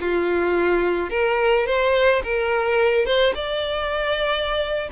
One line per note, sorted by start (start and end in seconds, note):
0.00 1.10 F4
1.10 1.66 A#4
1.66 2.22 C5
2.23 3.05 A#4
3.05 3.33 C5
3.35 4.89 D5